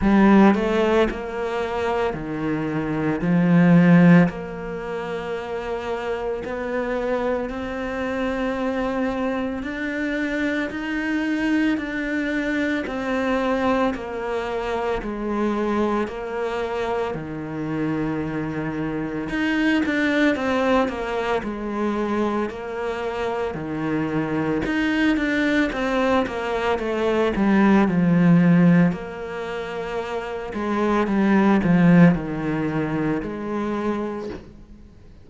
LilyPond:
\new Staff \with { instrumentName = "cello" } { \time 4/4 \tempo 4 = 56 g8 a8 ais4 dis4 f4 | ais2 b4 c'4~ | c'4 d'4 dis'4 d'4 | c'4 ais4 gis4 ais4 |
dis2 dis'8 d'8 c'8 ais8 | gis4 ais4 dis4 dis'8 d'8 | c'8 ais8 a8 g8 f4 ais4~ | ais8 gis8 g8 f8 dis4 gis4 | }